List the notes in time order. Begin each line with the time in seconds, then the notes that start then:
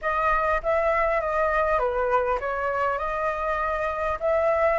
0.01 D#5
0.62 E5
1.20 D#5
1.78 B4
2.40 C#5
2.98 D#5
4.20 E5